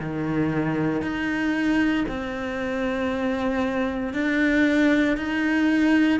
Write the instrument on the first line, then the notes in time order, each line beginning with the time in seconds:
cello
0.00 D#3
1.02 D#4
2.08 C4
4.13 D4
5.17 D#4